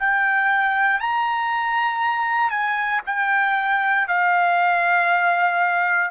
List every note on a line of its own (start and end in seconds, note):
0.00 1.01 G5
1.01 2.51 A#5
2.51 3.01 G#5
3.06 4.08 G5
4.08 6.11 F5